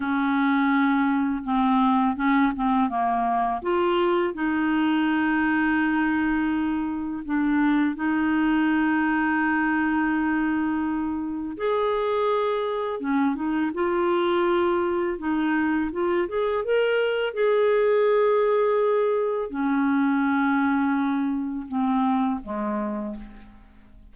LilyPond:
\new Staff \with { instrumentName = "clarinet" } { \time 4/4 \tempo 4 = 83 cis'2 c'4 cis'8 c'8 | ais4 f'4 dis'2~ | dis'2 d'4 dis'4~ | dis'1 |
gis'2 cis'8 dis'8 f'4~ | f'4 dis'4 f'8 gis'8 ais'4 | gis'2. cis'4~ | cis'2 c'4 gis4 | }